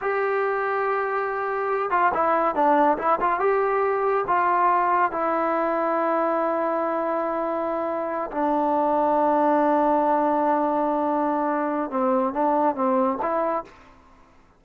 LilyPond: \new Staff \with { instrumentName = "trombone" } { \time 4/4 \tempo 4 = 141 g'1~ | g'8 f'8 e'4 d'4 e'8 f'8 | g'2 f'2 | e'1~ |
e'2.~ e'8 d'8~ | d'1~ | d'1 | c'4 d'4 c'4 e'4 | }